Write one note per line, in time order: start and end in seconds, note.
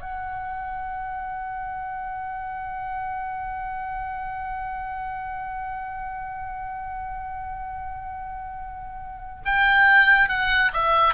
0.00 9.43 F#5
9.45 10.29 G5
10.29 10.71 F#5
10.73 11.14 E5